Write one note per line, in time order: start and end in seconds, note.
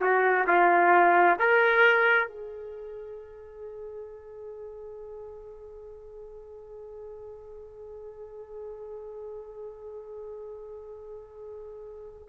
0.00 0.45 F#4
0.46 1.37 F4
1.38 2.28 A#4
2.28 12.28 G#4